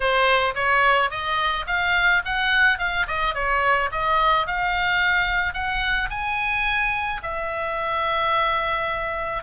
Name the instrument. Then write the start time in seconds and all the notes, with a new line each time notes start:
oboe
0.00 C5
0.54 C#5
1.10 D#5
1.67 F5
2.25 F#5
2.78 F5
3.07 D#5
3.34 C#5
3.91 D#5
4.46 F5
5.53 F#5
6.10 G#5
7.22 E5